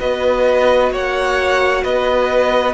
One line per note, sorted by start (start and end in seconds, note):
0.00 0.92 B3
0.00 2.74 F#4
0.00 0.93 B4
0.00 0.93 D#5
0.92 1.84 A#3
0.92 1.84 C#5
0.92 1.84 F#5
1.84 2.74 B3
1.84 2.74 B4
1.84 2.74 D#5